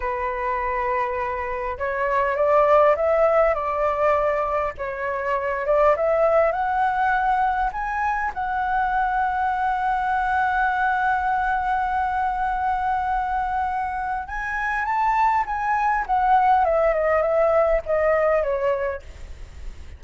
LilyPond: \new Staff \with { instrumentName = "flute" } { \time 4/4 \tempo 4 = 101 b'2. cis''4 | d''4 e''4 d''2 | cis''4. d''8 e''4 fis''4~ | fis''4 gis''4 fis''2~ |
fis''1~ | fis''1 | gis''4 a''4 gis''4 fis''4 | e''8 dis''8 e''4 dis''4 cis''4 | }